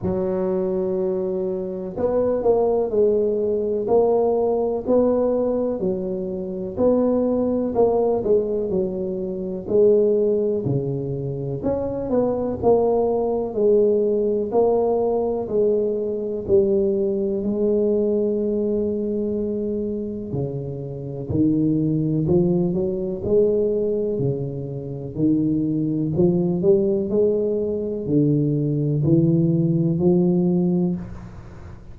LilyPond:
\new Staff \with { instrumentName = "tuba" } { \time 4/4 \tempo 4 = 62 fis2 b8 ais8 gis4 | ais4 b4 fis4 b4 | ais8 gis8 fis4 gis4 cis4 | cis'8 b8 ais4 gis4 ais4 |
gis4 g4 gis2~ | gis4 cis4 dis4 f8 fis8 | gis4 cis4 dis4 f8 g8 | gis4 d4 e4 f4 | }